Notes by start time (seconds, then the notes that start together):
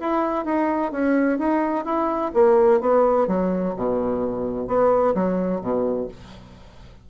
0.00 E4
0.45 D#4
0.92 C#4
1.38 D#4
1.85 E4
2.34 A#3
2.81 B3
3.27 F#3
3.76 B2
4.67 B3
5.15 F#3
5.61 B2